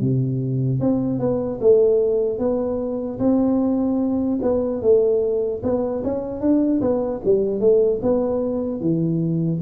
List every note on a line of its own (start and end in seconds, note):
0.00 0.80 C3
0.80 1.19 C4
1.19 1.59 B3
1.60 2.38 A3
2.38 3.18 B3
3.19 4.39 C4
4.41 4.81 B3
4.81 5.61 A3
5.63 6.03 B3
6.04 6.40 C#4
6.40 6.80 D4
6.81 7.21 B3
7.24 7.60 G3
7.60 8.00 A3
8.02 8.80 B3
8.80 9.60 E3